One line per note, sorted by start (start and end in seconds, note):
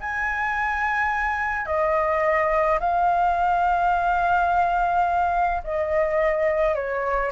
0.00 1.66 G#5
1.66 2.79 D#5
2.79 5.62 F5
5.63 6.75 D#5
6.75 7.31 C#5